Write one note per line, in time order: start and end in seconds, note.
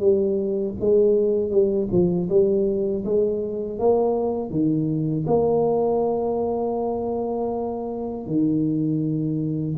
0.00 0.75 G3
0.80 1.51 G#3
1.51 1.88 G3
1.92 2.29 F3
2.30 3.05 G3
3.05 3.79 G#3
3.79 4.50 A#3
4.50 5.25 D#3
5.27 8.27 A#3
8.27 9.77 D#3